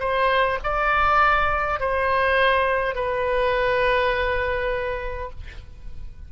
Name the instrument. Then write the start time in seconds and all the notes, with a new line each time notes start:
oboe
0.00 C5
0.64 D5
1.80 C5
2.95 B4